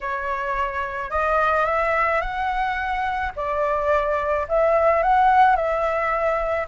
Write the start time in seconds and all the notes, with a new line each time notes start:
0.00 C#5
1.10 D#5
1.65 E5
2.21 F#5
3.35 D5
4.48 E5
5.03 F#5
5.56 E5